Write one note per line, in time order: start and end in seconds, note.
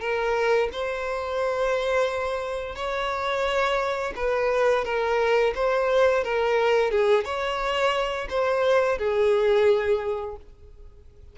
0.00 0.69 A#4
0.72 2.76 C5
2.76 4.13 C#5
4.16 4.85 B4
4.85 5.54 A#4
5.55 6.24 C5
6.24 6.91 A#4
6.91 7.24 G#4
7.24 8.28 C#5
8.29 8.98 C5
8.98 10.36 G#4